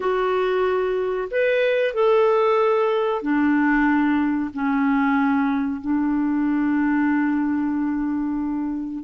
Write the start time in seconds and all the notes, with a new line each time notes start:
0.00 F#4
1.30 B4
1.94 A4
3.21 D4
4.53 C#4
5.81 D4